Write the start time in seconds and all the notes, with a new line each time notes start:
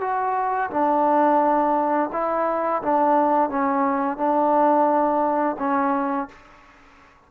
0.00 F#4
0.70 D4
2.12 E4
2.82 D4
3.49 C#4
4.17 D4
5.58 C#4